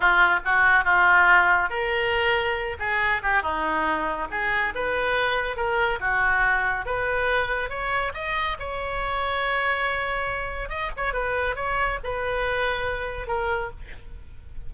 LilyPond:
\new Staff \with { instrumentName = "oboe" } { \time 4/4 \tempo 4 = 140 f'4 fis'4 f'2 | ais'2~ ais'8 gis'4 g'8 | dis'2 gis'4 b'4~ | b'4 ais'4 fis'2 |
b'2 cis''4 dis''4 | cis''1~ | cis''4 dis''8 cis''8 b'4 cis''4 | b'2. ais'4 | }